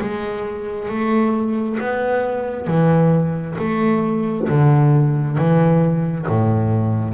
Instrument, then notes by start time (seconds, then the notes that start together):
double bass
0.00 G#3
0.88 A3
1.80 B3
2.67 E3
3.58 A3
4.49 D3
5.37 E3
6.27 A2